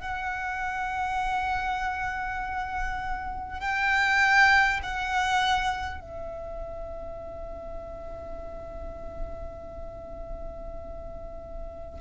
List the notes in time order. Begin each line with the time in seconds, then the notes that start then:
0.00 F#5
3.60 G5
4.83 F#5
6.01 E5